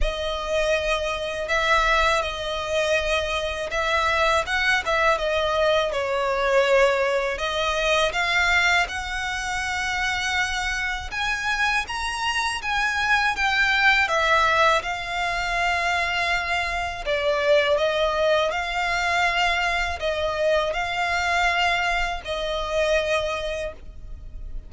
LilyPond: \new Staff \with { instrumentName = "violin" } { \time 4/4 \tempo 4 = 81 dis''2 e''4 dis''4~ | dis''4 e''4 fis''8 e''8 dis''4 | cis''2 dis''4 f''4 | fis''2. gis''4 |
ais''4 gis''4 g''4 e''4 | f''2. d''4 | dis''4 f''2 dis''4 | f''2 dis''2 | }